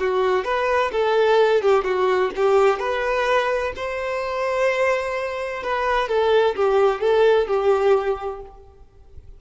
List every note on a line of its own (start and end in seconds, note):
0.00 0.45 F#4
0.45 0.92 B4
0.92 1.62 A4
1.62 1.84 G4
1.84 2.31 F#4
2.37 2.80 G4
2.80 3.73 B4
3.76 5.64 C5
5.64 6.09 B4
6.09 6.56 A4
6.56 7.01 G4
7.01 7.48 A4
7.48 8.42 G4